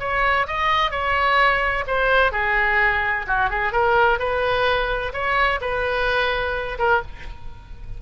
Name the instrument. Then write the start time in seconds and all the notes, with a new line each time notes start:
oboe
0.00 C#5
0.48 D#5
0.91 C#5
1.87 C5
2.32 G#4
3.27 F#4
3.50 G#4
3.72 A#4
4.19 B4
5.13 C#5
5.61 B4
6.79 A#4